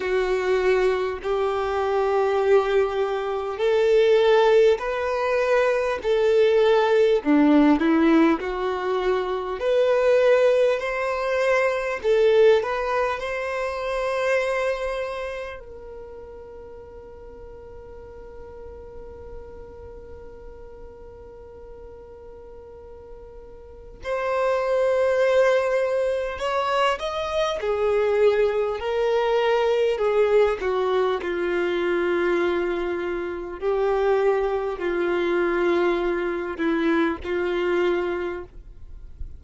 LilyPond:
\new Staff \with { instrumentName = "violin" } { \time 4/4 \tempo 4 = 50 fis'4 g'2 a'4 | b'4 a'4 d'8 e'8 fis'4 | b'4 c''4 a'8 b'8 c''4~ | c''4 ais'2.~ |
ais'1 | c''2 cis''8 dis''8 gis'4 | ais'4 gis'8 fis'8 f'2 | g'4 f'4. e'8 f'4 | }